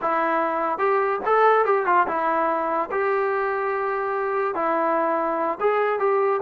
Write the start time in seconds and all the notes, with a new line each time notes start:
0.01 E4
0.78 G4
1.25 A4
1.65 G4
1.86 F4
2.07 E4
2.91 G4
4.54 E4
5.60 G#4
5.99 G4